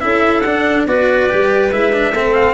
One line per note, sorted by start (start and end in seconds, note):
0.00 0.45 C#4
0.00 0.43 E4
0.00 0.88 A4
0.00 0.40 E5
0.40 0.86 D4
0.40 0.88 D4
0.40 0.83 F#5
0.86 1.28 B3
0.86 1.29 F#4
0.86 2.14 B4
0.86 1.72 D5
1.29 1.71 G3
1.29 1.71 G4
1.71 2.12 G#3
1.71 1.92 E4
1.71 2.34 E5
1.92 2.14 D4
2.12 2.53 A3
2.12 2.53 C4
2.12 2.53 A4
2.34 2.53 F5